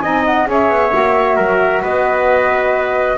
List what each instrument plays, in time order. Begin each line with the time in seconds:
0.00 double bass C4, saxophone D#4, trumpet D#5, flute G#5
0.25 flute F#5
0.46 double bass C#4, saxophone G#4, trumpet C#5, flute E5
0.69 double bass B3
0.90 double bass A#3, saxophone F#4
1.36 double bass F#3, trumpet A#4
1.82 double bass B3, trumpet B4, flute D#5